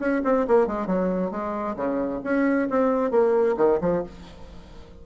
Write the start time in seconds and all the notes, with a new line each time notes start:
0.00 C#4
0.25 C4
0.48 A#3
0.67 G#3
0.87 F#3
1.31 G#3
1.77 C#3
2.24 C#4
2.70 C4
3.12 A#3
3.58 D#3
3.82 F3